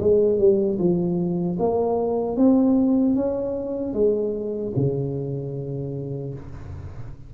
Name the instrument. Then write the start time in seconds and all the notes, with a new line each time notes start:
tuba
0.00 G#3
0.39 G3
0.79 F3
1.59 A#3
2.37 C4
3.15 C#4
3.94 G#3
4.76 C#3